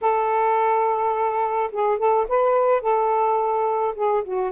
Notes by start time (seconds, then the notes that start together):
0.01 A4
1.71 G#4
1.98 A4
2.28 B4
2.81 A4
3.95 G#4
4.23 F#4